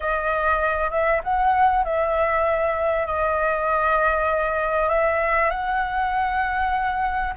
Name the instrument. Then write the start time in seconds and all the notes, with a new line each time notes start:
flute
0.00 D#5
0.90 E5
1.23 F#5
1.84 E5
3.06 D#5
4.89 E5
5.50 F#5